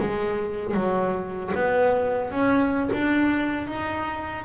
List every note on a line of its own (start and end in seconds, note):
0.00 0.74 G#3
0.74 1.52 F#3
1.55 2.31 B3
2.31 2.89 C#4
2.93 3.67 D4
3.67 4.45 D#4